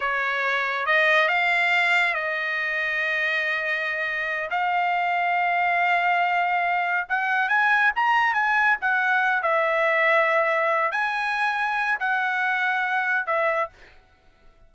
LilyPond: \new Staff \with { instrumentName = "trumpet" } { \time 4/4 \tempo 4 = 140 cis''2 dis''4 f''4~ | f''4 dis''2.~ | dis''2~ dis''8 f''4.~ | f''1~ |
f''8 fis''4 gis''4 ais''4 gis''8~ | gis''8 fis''4. e''2~ | e''4. gis''2~ gis''8 | fis''2. e''4 | }